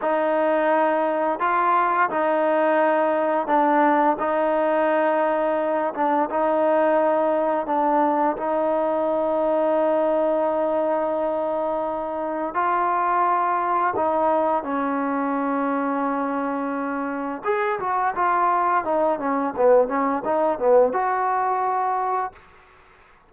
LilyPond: \new Staff \with { instrumentName = "trombone" } { \time 4/4 \tempo 4 = 86 dis'2 f'4 dis'4~ | dis'4 d'4 dis'2~ | dis'8 d'8 dis'2 d'4 | dis'1~ |
dis'2 f'2 | dis'4 cis'2.~ | cis'4 gis'8 fis'8 f'4 dis'8 cis'8 | b8 cis'8 dis'8 b8 fis'2 | }